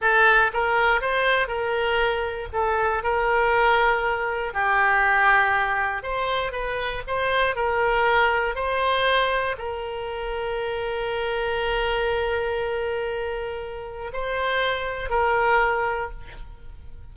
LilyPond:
\new Staff \with { instrumentName = "oboe" } { \time 4/4 \tempo 4 = 119 a'4 ais'4 c''4 ais'4~ | ais'4 a'4 ais'2~ | ais'4 g'2. | c''4 b'4 c''4 ais'4~ |
ais'4 c''2 ais'4~ | ais'1~ | ais'1 | c''2 ais'2 | }